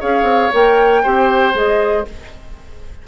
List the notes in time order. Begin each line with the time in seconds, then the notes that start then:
0.00 C#4 G#4 C#5 F5
0.23 C4
0.53 A#3 A#4 G5
1.03 C4 G4 C5
1.54 G#3 G#4 D#5